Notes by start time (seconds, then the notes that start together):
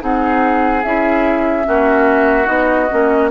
0.00 C4 D#4 G#4 F#5
0.83 C#4 E4 E5
1.64 A#3 C#4 F#4
2.45 B3 D#4 D#5
2.91 A#3 C#4